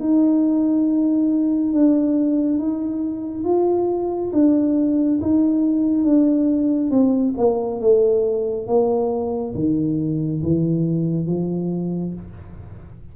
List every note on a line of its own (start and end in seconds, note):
0.00 1.73 D#4
1.73 2.59 D4
2.59 3.44 D#4
3.44 4.32 F4
4.33 5.20 D4
5.22 6.04 D#4
6.04 6.91 D4
6.91 7.34 C4
7.38 7.81 A#3
7.81 8.67 A3
8.67 9.54 A#3
9.55 10.42 D#3
10.43 11.27 E3
11.27 12.14 F3